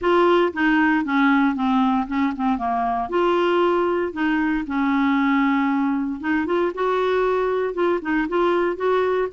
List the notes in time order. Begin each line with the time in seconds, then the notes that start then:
0.01 F4
0.53 D#4
1.05 C#4
1.55 C4
2.07 C#4
2.36 C4
2.57 A#3
3.09 F4
4.12 D#4
4.66 C#4
6.20 D#4
6.46 F4
6.74 F#4
7.74 F4
8.01 D#4
8.28 F4
8.76 F#4